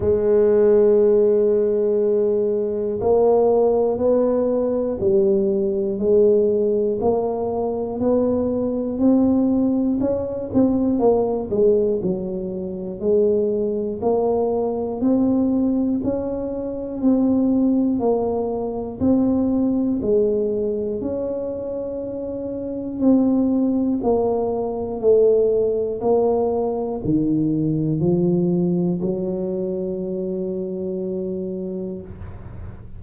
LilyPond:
\new Staff \with { instrumentName = "tuba" } { \time 4/4 \tempo 4 = 60 gis2. ais4 | b4 g4 gis4 ais4 | b4 c'4 cis'8 c'8 ais8 gis8 | fis4 gis4 ais4 c'4 |
cis'4 c'4 ais4 c'4 | gis4 cis'2 c'4 | ais4 a4 ais4 dis4 | f4 fis2. | }